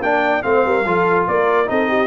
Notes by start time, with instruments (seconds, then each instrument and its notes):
0.00 tuba A#3, trombone D4, horn D5, trumpet G5
0.42 tuba A3, trombone C4, horn C5, trumpet F5
0.65 tuba G3, horn A#4
0.85 tuba F3, trombone F4, horn A4
1.27 tuba A#3, horn A#4, trumpet D5
1.66 tuba C4, trombone D#4, horn A4, trumpet D#5
1.88 horn G4